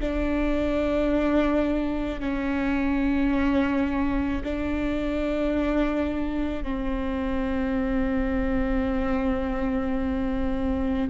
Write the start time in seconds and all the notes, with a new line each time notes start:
0.00 D4
2.20 C#4
4.44 D4
6.63 C4